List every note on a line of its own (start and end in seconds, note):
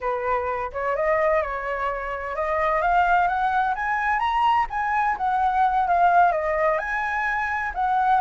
0.00 0.71 B4
0.72 0.95 C#5
0.95 1.41 D#5
1.41 2.35 C#5
2.35 2.81 D#5
2.81 3.27 F5
3.27 3.74 F#5
3.75 4.19 G#5
4.19 4.66 A#5
4.69 5.16 G#5
5.17 5.87 F#5
5.87 6.32 F5
6.32 6.78 D#5
6.78 7.72 G#5
7.74 8.20 F#5